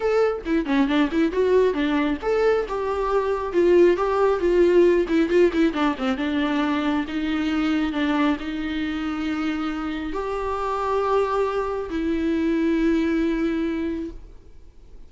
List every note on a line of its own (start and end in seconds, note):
0.00 0.42 A4
0.45 0.65 E4
0.65 0.87 C#4
0.87 1.09 D4
1.11 1.32 E4
1.32 1.73 F#4
1.73 2.17 D4
2.22 2.66 A4
2.68 3.52 G4
3.52 3.96 F4
3.96 4.39 G4
4.39 5.06 F4
5.08 5.29 E4
5.29 5.51 F4
5.53 5.73 E4
5.73 5.95 D4
5.98 6.17 C4
6.17 7.05 D4
7.07 7.92 D#4
7.92 8.36 D4
8.39 10.12 D#4
10.12 11.89 G4
11.90 14.10 E4